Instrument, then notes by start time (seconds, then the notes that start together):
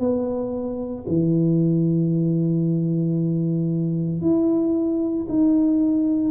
tuba
0.00 B3
1.08 E3
4.22 E4
5.29 D#4